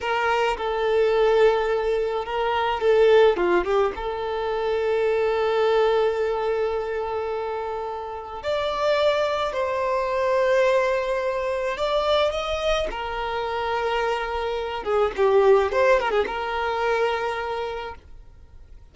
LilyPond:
\new Staff \with { instrumentName = "violin" } { \time 4/4 \tempo 4 = 107 ais'4 a'2. | ais'4 a'4 f'8 g'8 a'4~ | a'1~ | a'2. d''4~ |
d''4 c''2.~ | c''4 d''4 dis''4 ais'4~ | ais'2~ ais'8 gis'8 g'4 | c''8 ais'16 gis'16 ais'2. | }